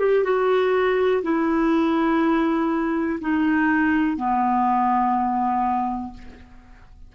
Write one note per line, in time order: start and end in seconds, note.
0.00 0.24 G4
0.24 1.23 F#4
1.23 3.20 E4
3.21 4.17 D#4
4.17 6.13 B3